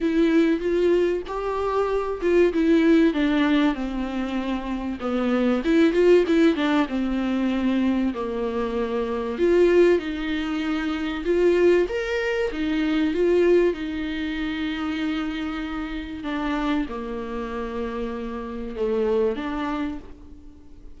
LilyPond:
\new Staff \with { instrumentName = "viola" } { \time 4/4 \tempo 4 = 96 e'4 f'4 g'4. f'8 | e'4 d'4 c'2 | b4 e'8 f'8 e'8 d'8 c'4~ | c'4 ais2 f'4 |
dis'2 f'4 ais'4 | dis'4 f'4 dis'2~ | dis'2 d'4 ais4~ | ais2 a4 d'4 | }